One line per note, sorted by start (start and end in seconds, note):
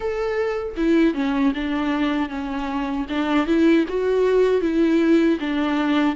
0.00 0.75 A4
0.76 1.14 E4
1.14 1.52 C#4
1.54 2.29 D4
2.29 3.06 C#4
3.09 3.47 D4
3.47 3.85 E4
3.88 4.61 F#4
4.61 5.38 E4
5.40 6.15 D4